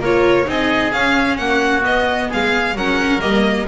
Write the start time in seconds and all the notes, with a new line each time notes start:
0.00 A#3 F4 A#4 C#5
0.45 C4 D#4 G#4 D#5
0.92 C#4 F5
1.37 A#3 F#4 F#5
1.83 B3 D#5
2.29 G#3 G#4 F5
2.75 F#3 C#4 A#4 F#5
3.20 G3 A#3 D#5